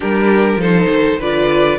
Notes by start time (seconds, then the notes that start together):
0.00 G3 D4 G4 A#4
0.56 F3 D#4 A4 C5
0.88 D#3
1.18 D3 F4 B4 D5